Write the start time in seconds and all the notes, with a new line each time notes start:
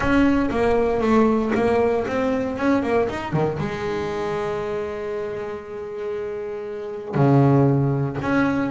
0.00 C#4
0.50 A#3
1.00 A3
1.54 A#3
2.07 C4
2.58 C#4
2.83 A#3
3.09 D#4
3.32 D#3
3.59 G#3
7.14 C#3
8.21 C#4